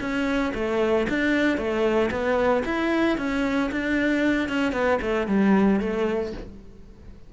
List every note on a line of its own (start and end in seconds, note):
0.00 0.53 C#4
0.54 1.07 A3
1.09 1.57 D4
1.57 2.10 A3
2.10 2.63 B3
2.65 3.17 E4
3.17 3.70 C#4
3.72 4.48 D4
4.48 4.72 C#4
4.72 4.98 B3
5.01 5.27 A3
5.27 5.80 G3
5.80 6.32 A3